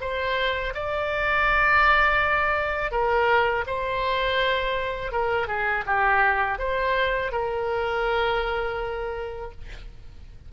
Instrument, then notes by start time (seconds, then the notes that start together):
oboe
0.00 C5
0.74 D5
2.91 A#4
3.66 C5
5.12 A#4
5.47 G#4
5.86 G4
6.58 C5
7.32 A#4